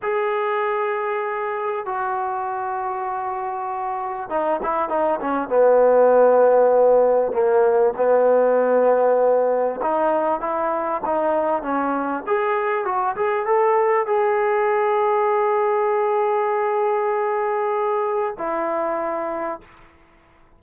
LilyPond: \new Staff \with { instrumentName = "trombone" } { \time 4/4 \tempo 4 = 98 gis'2. fis'4~ | fis'2. dis'8 e'8 | dis'8 cis'8 b2. | ais4 b2. |
dis'4 e'4 dis'4 cis'4 | gis'4 fis'8 gis'8 a'4 gis'4~ | gis'1~ | gis'2 e'2 | }